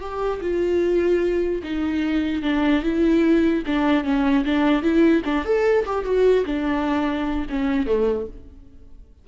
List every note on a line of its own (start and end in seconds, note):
0.00 0.40 G4
0.41 1.62 F4
1.63 2.43 D#4
2.43 2.83 D4
2.83 3.63 E4
3.66 4.04 D4
4.04 4.44 C#4
4.45 4.82 D4
4.82 5.23 E4
5.25 5.45 D4
5.45 5.85 A4
5.86 6.05 G4
6.05 6.45 F#4
6.46 7.46 D4
7.50 7.86 C#4
7.86 8.27 A3